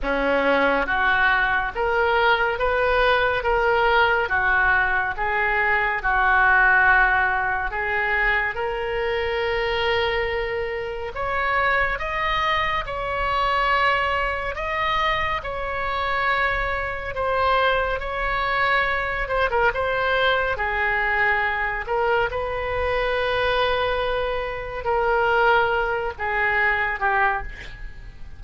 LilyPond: \new Staff \with { instrumentName = "oboe" } { \time 4/4 \tempo 4 = 70 cis'4 fis'4 ais'4 b'4 | ais'4 fis'4 gis'4 fis'4~ | fis'4 gis'4 ais'2~ | ais'4 cis''4 dis''4 cis''4~ |
cis''4 dis''4 cis''2 | c''4 cis''4. c''16 ais'16 c''4 | gis'4. ais'8 b'2~ | b'4 ais'4. gis'4 g'8 | }